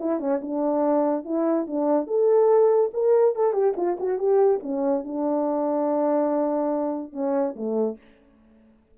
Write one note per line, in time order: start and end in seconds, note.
0.00 0.20 E4
0.20 0.41 C#4
0.42 1.25 D4
1.25 1.67 E4
1.67 2.07 D4
2.07 2.91 A4
2.94 3.36 A#4
3.36 3.53 A4
3.53 3.74 G4
3.77 3.98 F4
4.00 4.19 F#4
4.19 4.61 G4
4.63 5.05 C#4
5.05 7.13 D4
7.13 7.55 C#4
7.56 7.98 A3